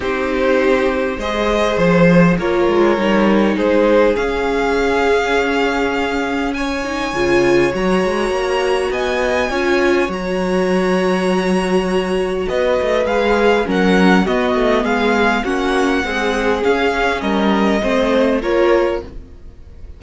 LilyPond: <<
  \new Staff \with { instrumentName = "violin" } { \time 4/4 \tempo 4 = 101 c''2 dis''4 c''4 | cis''2 c''4 f''4~ | f''2. gis''4~ | gis''4 ais''2 gis''4~ |
gis''4 ais''2.~ | ais''4 dis''4 f''4 fis''4 | dis''4 f''4 fis''2 | f''4 dis''2 cis''4 | }
  \new Staff \with { instrumentName = "violin" } { \time 4/4 g'2 c''2 | ais'2 gis'2~ | gis'2. cis''4~ | cis''2. dis''4 |
cis''1~ | cis''4 b'2 ais'4 | fis'4 gis'4 fis'4 gis'4~ | gis'4 ais'4 c''4 ais'4 | }
  \new Staff \with { instrumentName = "viola" } { \time 4/4 dis'2 gis'2 | f'4 dis'2 cis'4~ | cis'2.~ cis'8 dis'8 | f'4 fis'2. |
f'4 fis'2.~ | fis'2 gis'4 cis'4 | b2 cis'4 gis4 | cis'2 c'4 f'4 | }
  \new Staff \with { instrumentName = "cello" } { \time 4/4 c'2 gis4 f4 | ais8 gis8 g4 gis4 cis'4~ | cis'1 | cis4 fis8 gis8 ais4 b4 |
cis'4 fis2.~ | fis4 b8 a8 gis4 fis4 | b8 a8 gis4 ais4 c'4 | cis'4 g4 a4 ais4 | }
>>